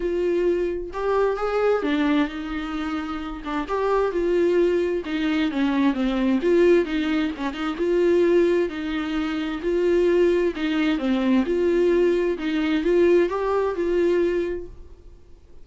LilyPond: \new Staff \with { instrumentName = "viola" } { \time 4/4 \tempo 4 = 131 f'2 g'4 gis'4 | d'4 dis'2~ dis'8 d'8 | g'4 f'2 dis'4 | cis'4 c'4 f'4 dis'4 |
cis'8 dis'8 f'2 dis'4~ | dis'4 f'2 dis'4 | c'4 f'2 dis'4 | f'4 g'4 f'2 | }